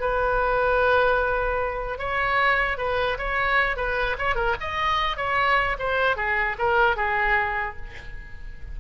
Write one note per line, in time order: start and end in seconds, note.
0.00 1.99 B4
1.99 2.78 C#5
2.78 3.18 B4
3.18 3.77 C#5
3.77 4.17 B4
4.19 4.35 C#5
4.35 4.55 A#4
4.61 5.17 D#5
5.17 5.77 C#5
5.79 6.17 C5
6.17 6.57 G#4
6.58 6.96 A#4
6.96 7.76 G#4